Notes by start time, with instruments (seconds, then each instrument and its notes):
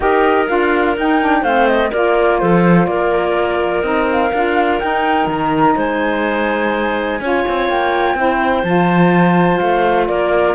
0.00 cello D#4, saxophone G4, clarinet A#4, flute D#5
0.47 cello D4, saxophone F4, flute F5
0.96 cello D#4, saxophone D#4, flute G5
1.20 saxophone D4
1.41 cello A3, saxophone C4, clarinet C5, flute F5
1.67 flute D#5
1.90 cello A#3, saxophone F4, clarinet A#4, flute D5
2.39 cello F3, clarinet A4, flute C5
2.86 cello A#3, clarinet A#4, flute D5
3.81 cello C4, saxophone D#4, flute D#5
4.11 flute F5
4.33 cello D4, saxophone F4
4.79 saxophone D#4, cello D#4, flute G5
5.27 cello D#3, flute A#5
5.75 cello G#3, clarinet C5, flute G#5
7.20 cello C#4, saxophone F4, clarinet C#5
7.48 cello C4
7.68 cello A#3, flute G5
8.14 cello C4, saxophone E4, clarinet C5
8.63 cello F3, saxophone F4, flute A5
9.57 cello A3, flute F5
10.07 cello A#3, clarinet A#4, flute D5